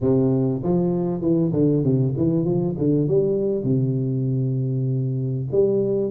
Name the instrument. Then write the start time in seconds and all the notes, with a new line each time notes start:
tuba
0.00 C3
0.63 F3
1.21 E3
1.53 D3
1.83 C3
2.16 E3
2.44 F3
2.77 D3
3.07 G3
3.63 C3
5.51 G3